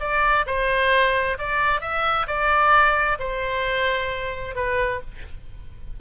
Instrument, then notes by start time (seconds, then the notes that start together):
oboe
0.00 D5
0.46 C5
1.38 D5
1.81 E5
2.27 D5
3.19 C5
4.55 B4